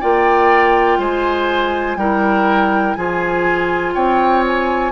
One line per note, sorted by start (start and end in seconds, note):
0.00 0.98 A#3
0.00 1.98 F4
0.00 0.98 D5
0.00 1.00 G5
0.98 1.96 G#3
0.98 1.97 C5
0.98 1.98 G#5
1.96 2.94 G3
1.96 2.96 E4
1.96 2.97 A#4
1.96 2.94 G5
2.94 3.95 F3
2.94 4.92 F4
2.94 3.94 G#4
2.94 3.93 G#5
3.94 4.92 C4
3.94 4.92 C#5
3.94 4.44 G5
4.47 4.92 G#5